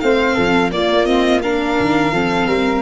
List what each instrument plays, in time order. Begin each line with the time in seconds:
0.00 tuba A3, viola C4, flute C5, violin F5
0.35 tuba F3, flute A4
0.72 viola A#3, tuba A#3, flute F4, violin D5
1.06 viola C4, violin D#5
1.42 viola D4, flute A#4, violin F5
1.80 tuba D#3
2.12 tuba F3, viola C4, flute A4
2.47 tuba G3, flute A#4